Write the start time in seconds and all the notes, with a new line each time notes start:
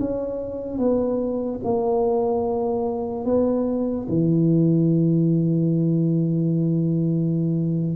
0.00 C#4
0.78 B3
1.64 A#3
3.25 B3
4.09 E3